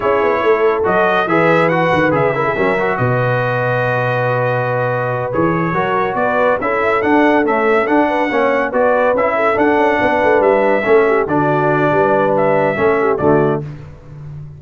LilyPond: <<
  \new Staff \with { instrumentName = "trumpet" } { \time 4/4 \tempo 4 = 141 cis''2 dis''4 e''4 | fis''4 e''2 dis''4~ | dis''1~ | dis''8 cis''2 d''4 e''8~ |
e''8 fis''4 e''4 fis''4.~ | fis''8 d''4 e''4 fis''4.~ | fis''8 e''2 d''4.~ | d''4 e''2 d''4 | }
  \new Staff \with { instrumentName = "horn" } { \time 4/4 gis'4 a'2 b'4~ | b'4. ais'16 gis'16 ais'4 b'4~ | b'1~ | b'4. ais'4 b'4 a'8~ |
a'2. b'8 cis''8~ | cis''8 b'4. a'4. b'8~ | b'4. a'8 g'8 fis'4. | b'2 a'8 g'8 fis'4 | }
  \new Staff \with { instrumentName = "trombone" } { \time 4/4 e'2 fis'4 gis'4 | fis'4 gis'8 e'8 cis'8 fis'4.~ | fis'1~ | fis'8 gis'4 fis'2 e'8~ |
e'8 d'4 a4 d'4 cis'8~ | cis'8 fis'4 e'4 d'4.~ | d'4. cis'4 d'4.~ | d'2 cis'4 a4 | }
  \new Staff \with { instrumentName = "tuba" } { \time 4/4 cis'8 b8 a4 fis4 e4~ | e8 dis8 cis4 fis4 b,4~ | b,1~ | b,8 e4 fis4 b4 cis'8~ |
cis'8 d'4 cis'4 d'4 ais8~ | ais8 b4 cis'4 d'8 cis'8 b8 | a8 g4 a4 d4. | g2 a4 d4 | }
>>